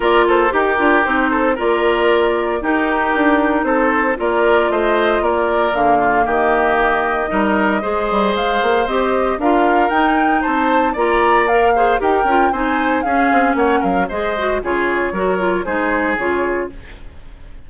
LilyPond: <<
  \new Staff \with { instrumentName = "flute" } { \time 4/4 \tempo 4 = 115 d''8 c''8 ais'4 c''4 d''4~ | d''4 ais'2 c''4 | d''4 dis''4 d''4 f''4 | dis''1 |
f''4 dis''4 f''4 g''4 | a''4 ais''4 f''4 g''4 | gis''4 f''4 fis''8 f''8 dis''4 | cis''2 c''4 cis''4 | }
  \new Staff \with { instrumentName = "oboe" } { \time 4/4 ais'8 a'8 g'4. a'8 ais'4~ | ais'4 g'2 a'4 | ais'4 c''4 ais'4. f'8 | g'2 ais'4 c''4~ |
c''2 ais'2 | c''4 d''4. c''8 ais'4 | c''4 gis'4 cis''8 ais'8 c''4 | gis'4 ais'4 gis'2 | }
  \new Staff \with { instrumentName = "clarinet" } { \time 4/4 f'4 g'8 f'8 dis'4 f'4~ | f'4 dis'2. | f'2. ais4~ | ais2 dis'4 gis'4~ |
gis'4 g'4 f'4 dis'4~ | dis'4 f'4 ais'8 gis'8 g'8 f'8 | dis'4 cis'2 gis'8 fis'8 | f'4 fis'8 f'8 dis'4 f'4 | }
  \new Staff \with { instrumentName = "bassoon" } { \time 4/4 ais4 dis'8 d'8 c'4 ais4~ | ais4 dis'4 d'4 c'4 | ais4 a4 ais4 d4 | dis2 g4 gis8 g8 |
gis8 ais8 c'4 d'4 dis'4 | c'4 ais2 dis'8 cis'8 | c'4 cis'8 c'8 ais8 fis8 gis4 | cis4 fis4 gis4 cis4 | }
>>